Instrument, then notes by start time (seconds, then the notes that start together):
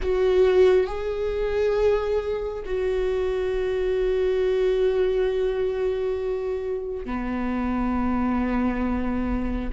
viola
0.02 F#4
0.87 G#4
2.65 F#4
7.05 B3